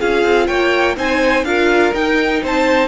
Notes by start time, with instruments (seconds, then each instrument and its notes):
0.00 cello C#4, viola F4, violin G#4 F5
0.24 cello C4
0.47 cello A#3, violin C#5 G5
0.96 cello C4, viola D#4, violin C5 G#5
1.44 cello D4, viola F4, violin A#4 F5
1.94 viola D#4, cello D#4, violin G5
2.42 cello C4, violin C5 A5